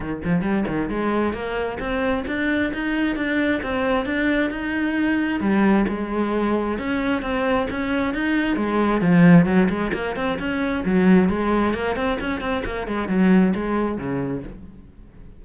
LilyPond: \new Staff \with { instrumentName = "cello" } { \time 4/4 \tempo 4 = 133 dis8 f8 g8 dis8 gis4 ais4 | c'4 d'4 dis'4 d'4 | c'4 d'4 dis'2 | g4 gis2 cis'4 |
c'4 cis'4 dis'4 gis4 | f4 fis8 gis8 ais8 c'8 cis'4 | fis4 gis4 ais8 c'8 cis'8 c'8 | ais8 gis8 fis4 gis4 cis4 | }